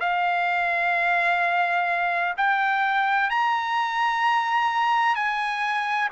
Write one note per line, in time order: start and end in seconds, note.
0.00 2.34 F5
2.37 3.29 G5
3.29 5.15 A#5
5.15 6.09 G#5